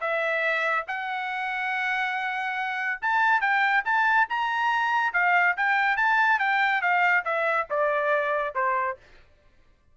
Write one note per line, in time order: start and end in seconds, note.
0.00 0.85 E5
0.87 3.00 F#5
3.01 3.41 A5
3.41 3.83 G5
3.85 4.27 A5
4.29 5.13 A#5
5.13 5.56 F5
5.56 5.97 G5
5.97 6.39 A5
6.39 6.81 G5
6.81 7.24 F5
7.25 7.67 E5
7.70 8.54 D5
8.54 8.97 C5